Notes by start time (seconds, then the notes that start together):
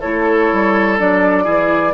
0.00 A3 E4 A4 C#5
0.52 G3
0.98 F#3 D4 D5
1.44 E3 E4 G#4